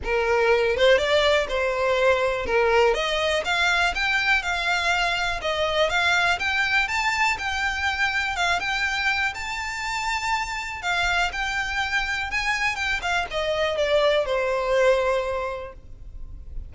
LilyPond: \new Staff \with { instrumentName = "violin" } { \time 4/4 \tempo 4 = 122 ais'4. c''8 d''4 c''4~ | c''4 ais'4 dis''4 f''4 | g''4 f''2 dis''4 | f''4 g''4 a''4 g''4~ |
g''4 f''8 g''4. a''4~ | a''2 f''4 g''4~ | g''4 gis''4 g''8 f''8 dis''4 | d''4 c''2. | }